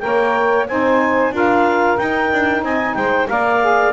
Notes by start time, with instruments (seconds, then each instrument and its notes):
0.00 double bass A#3, saxophone A#4 C#5, clarinet G5
0.68 double bass C4, saxophone D#4 C5, clarinet G#5
1.31 double bass D4, saxophone F4 A#4, clarinet F5
1.98 saxophone D#4, double bass D#4, clarinet G5
2.33 double bass D4
2.62 double bass C4, saxophone D#5, clarinet G#5
2.95 double bass G#3, saxophone C5, clarinet G5
3.28 double bass A#3, saxophone A#4 D5, clarinet F5
3.60 saxophone G#4